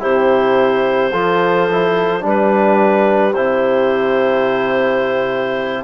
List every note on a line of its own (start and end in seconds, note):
0.00 1.13 C3
0.00 1.11 E4
0.00 1.11 G4
0.00 2.24 C5
1.11 2.23 F3
1.11 1.68 F4
1.11 2.22 A4
1.72 2.20 E4
2.20 3.34 G3
2.20 3.31 D4
2.20 5.83 G4
2.27 3.33 B4
3.33 5.84 C3
3.33 5.84 E4
3.33 5.83 C5